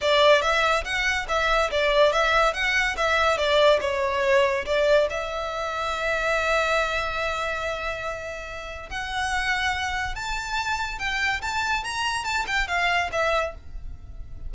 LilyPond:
\new Staff \with { instrumentName = "violin" } { \time 4/4 \tempo 4 = 142 d''4 e''4 fis''4 e''4 | d''4 e''4 fis''4 e''4 | d''4 cis''2 d''4 | e''1~ |
e''1~ | e''4 fis''2. | a''2 g''4 a''4 | ais''4 a''8 g''8 f''4 e''4 | }